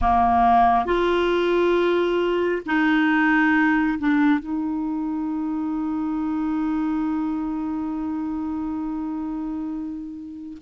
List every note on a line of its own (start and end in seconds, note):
0.01 0.85 A#3
0.85 2.62 F4
2.66 3.98 D#4
3.98 4.39 D4
4.39 10.57 D#4